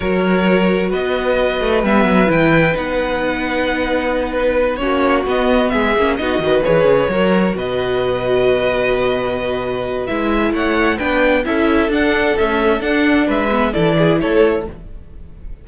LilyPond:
<<
  \new Staff \with { instrumentName = "violin" } { \time 4/4 \tempo 4 = 131 cis''2 dis''2 | e''4 g''4 fis''2~ | fis''4. b'4 cis''4 dis''8~ | dis''8 e''4 dis''4 cis''4.~ |
cis''8 dis''2.~ dis''8~ | dis''2 e''4 fis''4 | g''4 e''4 fis''4 e''4 | fis''4 e''4 d''4 cis''4 | }
  \new Staff \with { instrumentName = "violin" } { \time 4/4 ais'2 b'2~ | b'1~ | b'2~ b'8 fis'4.~ | fis'8 gis'4 fis'8 b'4. ais'8~ |
ais'8 b'2.~ b'8~ | b'2. cis''4 | b'4 a'2.~ | a'4 b'4 a'8 gis'8 a'4 | }
  \new Staff \with { instrumentName = "viola" } { \time 4/4 fis'1 | b4 e'4 dis'2~ | dis'2~ dis'8 cis'4 b8~ | b4 cis'8 dis'8 fis'8 gis'4 fis'8~ |
fis'1~ | fis'2 e'2 | d'4 e'4 d'4 a4 | d'4. b8 e'2 | }
  \new Staff \with { instrumentName = "cello" } { \time 4/4 fis2 b4. a8 | g8 fis8 e4 b2~ | b2~ b8 ais4 b8~ | b8 gis8 ais8 b8 dis8 e8 cis8 fis8~ |
fis8 b,2.~ b,8~ | b,2 gis4 a4 | b4 cis'4 d'4 cis'4 | d'4 gis4 e4 a4 | }
>>